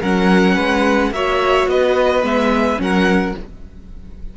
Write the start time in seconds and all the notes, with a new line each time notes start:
0.00 F#3 C#4 A#4 F#5
0.55 G#3 B4
1.11 A#3 F#4 C#5 E5
1.67 B3 B4 D#5
2.22 G#3 B3 E5
2.77 F#3 C#4 A#4 F#5